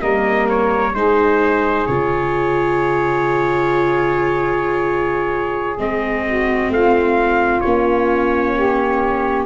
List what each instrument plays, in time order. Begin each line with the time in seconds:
0.00 tuba G3, viola A#3, saxophone A#4, trumpet D#5
0.49 trumpet C#5
0.94 tuba G#3, viola D#4, saxophone G#4, trumpet C5
1.87 tuba C#3, viola F4, trumpet C#5
5.78 tuba G#3, viola C4, trumpet D#5
6.27 saxophone F#4
6.69 tuba A3, saxophone F4, trumpet F5
7.60 tuba A#3, viola C#4, trumpet C#5
8.55 saxophone G4